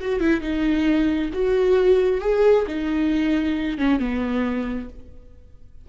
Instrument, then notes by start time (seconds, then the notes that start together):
viola
0.00 F#4
0.20 E4
0.41 D#4
1.33 F#4
2.21 G#4
2.67 D#4
3.78 C#4
3.99 B3